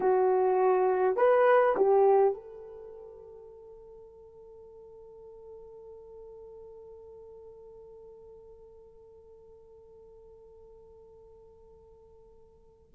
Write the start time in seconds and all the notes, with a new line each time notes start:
0.00 F#4
1.16 B4
1.76 G4
2.34 A4